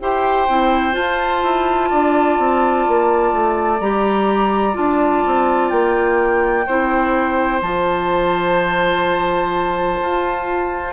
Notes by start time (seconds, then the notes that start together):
0.00 E4 G4 C5 G5
0.49 C4 E4
0.92 F4 A5
1.43 E4
1.90 D4 D5
2.39 C4
2.88 A#3
3.33 A3
3.80 G3 G4 A#5
4.74 D4 F4 A5
5.27 C4
5.70 A#3 G5
6.66 C4 E4 C5
7.62 F3 F4 A5
10.01 F4